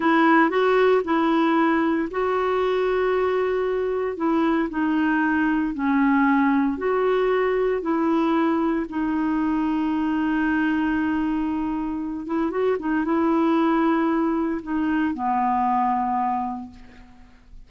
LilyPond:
\new Staff \with { instrumentName = "clarinet" } { \time 4/4 \tempo 4 = 115 e'4 fis'4 e'2 | fis'1 | e'4 dis'2 cis'4~ | cis'4 fis'2 e'4~ |
e'4 dis'2.~ | dis'2.~ dis'8 e'8 | fis'8 dis'8 e'2. | dis'4 b2. | }